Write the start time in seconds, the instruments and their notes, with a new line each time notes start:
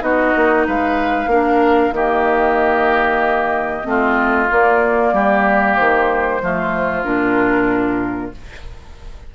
0.00 bassoon B3, clarinet D#4, oboe F#4, flute D#5
0.36 bassoon A#3
0.67 bassoon G#3, oboe B4, flute F5
1.26 bassoon A#3, clarinet D4, oboe A#4
1.92 bassoon D#3, clarinet A#3, oboe G4, flute D#5
3.84 bassoon A3, clarinet C4, oboe F4
4.50 clarinet A#3, bassoon A#3, flute D5
5.13 bassoon G3, oboe G4
5.76 bassoon D#3, flute C5
6.42 bassoon F3, clarinet A3, oboe F4
7.04 bassoon A#2, clarinet D4, flute A#4